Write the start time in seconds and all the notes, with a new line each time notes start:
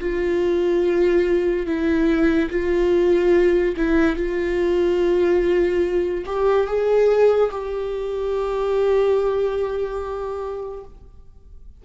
0.00 F4
1.66 E4
2.50 F4
3.77 E4
4.16 F4
6.26 G4
6.67 G#4
7.51 G4